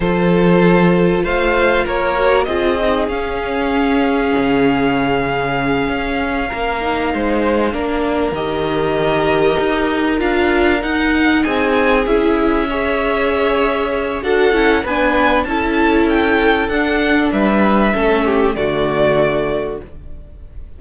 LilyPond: <<
  \new Staff \with { instrumentName = "violin" } { \time 4/4 \tempo 4 = 97 c''2 f''4 cis''4 | dis''4 f''2.~ | f''1~ | f''4. dis''2~ dis''8~ |
dis''8 f''4 fis''4 gis''4 e''8~ | e''2. fis''4 | gis''4 a''4 g''4 fis''4 | e''2 d''2 | }
  \new Staff \with { instrumentName = "violin" } { \time 4/4 a'2 c''4 ais'4 | gis'1~ | gis'2~ gis'8 ais'4 c''8~ | c''8 ais'2.~ ais'8~ |
ais'2~ ais'8 gis'4.~ | gis'8 cis''2~ cis''8 a'4 | b'4 a'2. | b'4 a'8 g'8 fis'2 | }
  \new Staff \with { instrumentName = "viola" } { \time 4/4 f'2.~ f'8 fis'8 | f'8 dis'8 cis'2.~ | cis'2. dis'4~ | dis'8 d'4 g'2~ g'8~ |
g'8 f'4 dis'2 e'8~ | e'8 gis'2~ gis'8 fis'8 e'8 | d'4 e'2 d'4~ | d'4 cis'4 a2 | }
  \new Staff \with { instrumentName = "cello" } { \time 4/4 f2 a4 ais4 | c'4 cis'2 cis4~ | cis4. cis'4 ais4 gis8~ | gis8 ais4 dis2 dis'8~ |
dis'8 d'4 dis'4 c'4 cis'8~ | cis'2. d'8 cis'8 | b4 cis'2 d'4 | g4 a4 d2 | }
>>